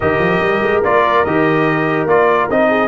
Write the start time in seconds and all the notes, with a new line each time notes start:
0.00 D#3 G4 A#4 D#5
0.19 F3
0.40 G3
0.62 G#3
0.83 A#3 F4 D5
1.24 D#3 G4 D#5
2.05 A#3 F4 D5
2.49 C4 D#4 D#5
2.69 G#4